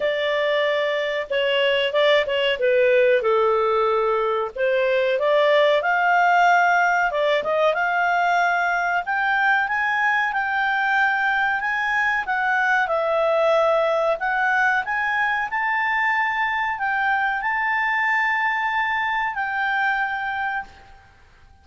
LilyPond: \new Staff \with { instrumentName = "clarinet" } { \time 4/4 \tempo 4 = 93 d''2 cis''4 d''8 cis''8 | b'4 a'2 c''4 | d''4 f''2 d''8 dis''8 | f''2 g''4 gis''4 |
g''2 gis''4 fis''4 | e''2 fis''4 gis''4 | a''2 g''4 a''4~ | a''2 g''2 | }